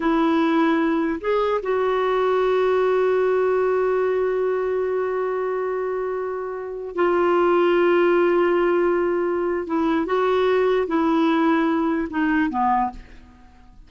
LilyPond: \new Staff \with { instrumentName = "clarinet" } { \time 4/4 \tempo 4 = 149 e'2. gis'4 | fis'1~ | fis'1~ | fis'1~ |
fis'4~ fis'16 f'2~ f'8.~ | f'1 | e'4 fis'2 e'4~ | e'2 dis'4 b4 | }